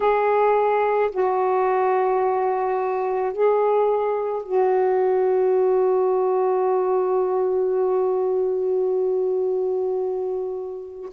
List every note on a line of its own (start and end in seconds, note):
0.00 1.10 G#4
1.11 3.32 F#4
3.32 4.42 G#4
4.42 11.09 F#4